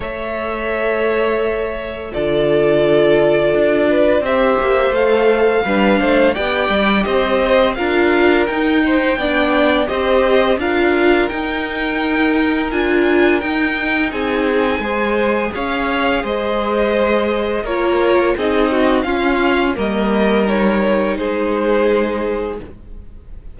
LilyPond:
<<
  \new Staff \with { instrumentName = "violin" } { \time 4/4 \tempo 4 = 85 e''2. d''4~ | d''2 e''4 f''4~ | f''4 g''4 dis''4 f''4 | g''2 dis''4 f''4 |
g''2 gis''4 g''4 | gis''2 f''4 dis''4~ | dis''4 cis''4 dis''4 f''4 | dis''4 cis''4 c''2 | }
  \new Staff \with { instrumentName = "violin" } { \time 4/4 cis''2. a'4~ | a'4. b'8 c''2 | b'8 c''8 d''4 c''4 ais'4~ | ais'8 c''8 d''4 c''4 ais'4~ |
ais'1 | gis'4 c''4 cis''4 c''4~ | c''4 ais'4 gis'8 fis'8 f'4 | ais'2 gis'2 | }
  \new Staff \with { instrumentName = "viola" } { \time 4/4 a'2. f'4~ | f'2 g'4 a'4 | d'4 g'2 f'4 | dis'4 d'4 g'4 f'4 |
dis'2 f'4 dis'4~ | dis'4 gis'2.~ | gis'4 f'4 dis'4 cis'4 | ais4 dis'2. | }
  \new Staff \with { instrumentName = "cello" } { \time 4/4 a2. d4~ | d4 d'4 c'8 ais8 a4 | g8 a8 b8 g8 c'4 d'4 | dis'4 b4 c'4 d'4 |
dis'2 d'4 dis'4 | c'4 gis4 cis'4 gis4~ | gis4 ais4 c'4 cis'4 | g2 gis2 | }
>>